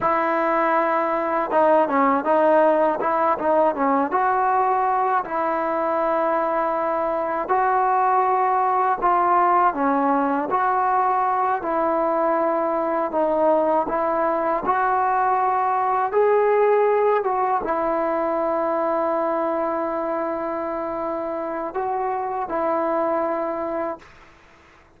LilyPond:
\new Staff \with { instrumentName = "trombone" } { \time 4/4 \tempo 4 = 80 e'2 dis'8 cis'8 dis'4 | e'8 dis'8 cis'8 fis'4. e'4~ | e'2 fis'2 | f'4 cis'4 fis'4. e'8~ |
e'4. dis'4 e'4 fis'8~ | fis'4. gis'4. fis'8 e'8~ | e'1~ | e'4 fis'4 e'2 | }